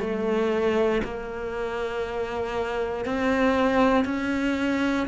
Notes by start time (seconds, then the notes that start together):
0.00 A3
1.04 A#3
3.06 C4
4.05 C#4